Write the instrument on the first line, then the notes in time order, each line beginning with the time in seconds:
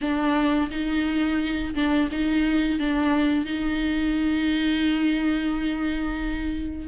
viola
0.01 D4
0.71 D#4
1.74 D4
2.11 D#4
2.79 D4
3.45 D#4